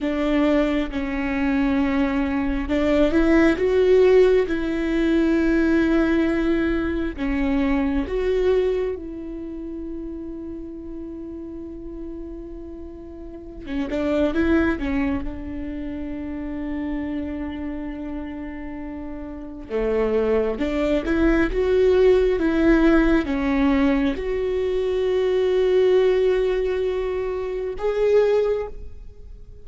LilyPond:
\new Staff \with { instrumentName = "viola" } { \time 4/4 \tempo 4 = 67 d'4 cis'2 d'8 e'8 | fis'4 e'2. | cis'4 fis'4 e'2~ | e'2.~ e'16 cis'16 d'8 |
e'8 cis'8 d'2.~ | d'2 a4 d'8 e'8 | fis'4 e'4 cis'4 fis'4~ | fis'2. gis'4 | }